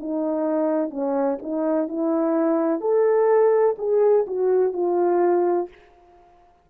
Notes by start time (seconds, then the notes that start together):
0.00 D#4
0.90 C#4
1.42 D#4
1.88 E4
2.81 A4
3.78 G#4
4.27 F#4
4.73 F4